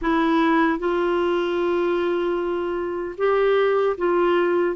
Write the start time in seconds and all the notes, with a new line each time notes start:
0.01 E4
0.79 F4
3.17 G4
3.97 F4